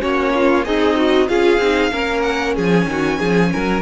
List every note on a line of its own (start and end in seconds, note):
0.00 0.65 A#3
0.00 0.64 C#4
0.00 0.32 F#4
0.00 0.64 C#5
0.35 0.65 F4
0.64 1.29 C4
0.64 1.28 D#4
0.64 0.96 G#4
0.64 1.28 D#5
0.97 1.28 F#4
1.28 1.58 C#4
1.28 1.59 F4
1.28 1.92 G#4
1.28 2.21 F5
1.58 1.90 C4
1.58 1.92 D#4
1.92 2.57 A#3
1.92 3.81 C#4
1.92 2.55 A#4
2.21 2.53 F#5
2.55 2.85 F3
2.55 2.87 G#4
2.55 3.81 G#5
2.85 3.17 D#3
2.85 3.18 F#4
3.18 3.53 F3
3.18 3.50 G#4
3.52 3.81 F#3
3.52 3.81 A#4